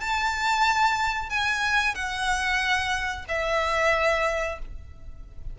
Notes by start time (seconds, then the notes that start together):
0.00 A5
1.29 G#5
1.95 F#5
3.28 E5